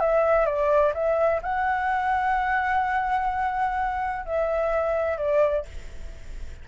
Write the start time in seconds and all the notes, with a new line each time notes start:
0.00 E5
0.46 D5
0.94 E5
1.42 F#5
4.26 E5
5.18 D5